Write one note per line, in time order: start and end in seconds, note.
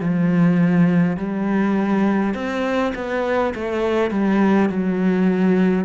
0.00 1.17 F3
1.17 2.35 G3
2.35 2.94 C4
2.95 3.54 B3
3.55 4.11 A3
4.11 4.70 G3
4.70 5.85 F#3